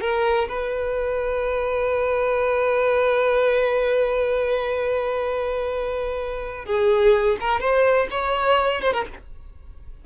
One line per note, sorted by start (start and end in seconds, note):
0.00 0.48 A#4
0.48 6.65 B4
6.65 7.36 G#4
7.40 7.60 A#4
7.60 8.07 C5
8.10 8.81 C#5
8.81 8.93 C5
8.93 9.05 A#4